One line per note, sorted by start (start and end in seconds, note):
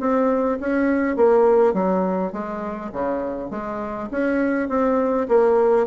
0.00 0.59 C4
0.60 1.17 C#4
1.17 1.74 A#3
1.74 2.33 F#3
2.33 2.91 G#3
2.93 3.51 C#3
3.51 4.09 G#3
4.11 4.69 C#4
4.69 5.28 C4
5.29 5.87 A#3